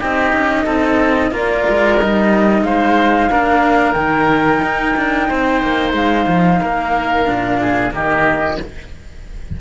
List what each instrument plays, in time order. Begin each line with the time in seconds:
0.00 cello C4 D#4, oboe G4, flute D#5
0.33 cello C#4
0.65 cello C4, oboe A4
1.31 cello A#3 F4, oboe A#4, flute D5
1.70 cello G#3
2.00 cello G3 D#4, flute D#5
2.63 cello G#3, oboe C5, flute F5
3.30 cello A#3 D4, oboe A#4
3.93 cello D#3 D#4, flute G5
4.62 cello D#4
4.97 cello D4
5.29 cello C4, oboe C5
5.63 cello A#3
5.94 cello G#3, flute F5
6.28 cello F3
6.62 cello A#3, oboe A#4
7.26 cello A#2 D4
7.61 oboe G#4
7.92 cello D#3 A#3, oboe G4, flute D#5